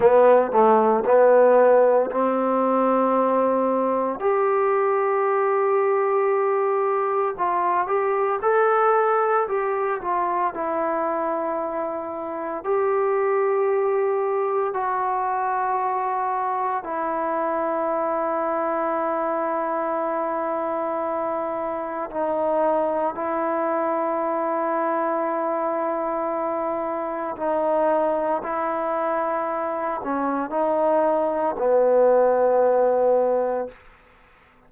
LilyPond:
\new Staff \with { instrumentName = "trombone" } { \time 4/4 \tempo 4 = 57 b8 a8 b4 c'2 | g'2. f'8 g'8 | a'4 g'8 f'8 e'2 | g'2 fis'2 |
e'1~ | e'4 dis'4 e'2~ | e'2 dis'4 e'4~ | e'8 cis'8 dis'4 b2 | }